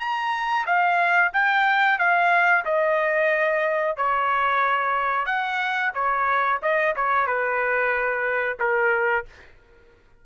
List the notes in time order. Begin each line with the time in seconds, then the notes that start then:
0.00 A#5
0.67 F5
1.33 G5
1.99 F5
2.66 D#5
3.97 C#5
5.26 F#5
5.94 C#5
6.62 D#5
6.96 C#5
7.27 B4
8.60 A#4